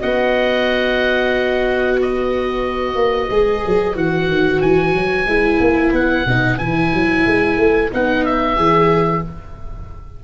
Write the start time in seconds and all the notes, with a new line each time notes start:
0.00 B3 F#4 D#5 F#5
1.96 B4
2.02 D#5
2.95 A#3
3.30 G#3 G#4
3.67 F#3
3.94 E3 F#4 F#5
4.28 D#3
4.62 E3 G#5
4.95 F#3
5.27 G#3 E4
5.60 A#3
5.93 B3 F#5
6.26 B2 D#4
6.58 E3 E4 G#5
6.94 F#3
7.26 G#3
7.58 A3
7.92 B3 D#4 F#5
8.26 E5
8.56 E3 G#4